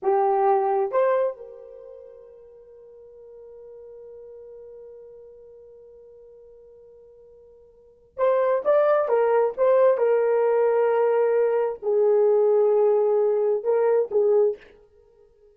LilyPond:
\new Staff \with { instrumentName = "horn" } { \time 4/4 \tempo 4 = 132 g'2 c''4 ais'4~ | ais'1~ | ais'1~ | ais'1~ |
ais'2 c''4 d''4 | ais'4 c''4 ais'2~ | ais'2 gis'2~ | gis'2 ais'4 gis'4 | }